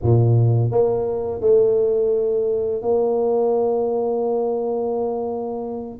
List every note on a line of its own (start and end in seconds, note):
0.02 0.71 A#2
0.71 1.40 A#3
1.40 2.81 A3
2.82 5.99 A#3